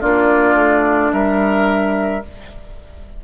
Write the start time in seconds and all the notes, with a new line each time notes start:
0.00 A#3 D4 F4 D5
0.54 A3
1.12 G3 A#4 E5